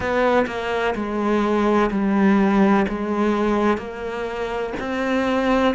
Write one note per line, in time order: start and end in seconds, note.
0.00 0.45 B3
0.46 0.94 A#3
0.95 1.90 G#3
1.90 2.86 G3
2.88 3.77 G#3
3.77 4.73 A#3
4.79 5.74 C4